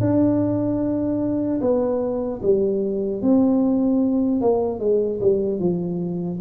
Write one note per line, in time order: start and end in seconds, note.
0.00 1.60 D4
1.61 2.41 B3
2.42 3.22 G3
3.22 4.41 C4
4.41 4.79 A#3
4.79 5.19 G#3
5.20 5.59 G3
5.59 6.40 F3